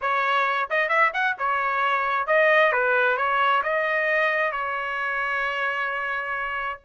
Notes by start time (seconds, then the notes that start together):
0.01 C#5
0.69 D#5
0.88 E5
1.13 F#5
1.38 C#5
2.26 D#5
2.72 B4
3.17 C#5
3.63 D#5
4.52 C#5